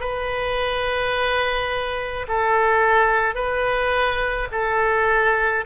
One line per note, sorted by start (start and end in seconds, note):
0.00 2.26 B4
2.28 3.35 A4
3.35 4.48 B4
4.52 5.65 A4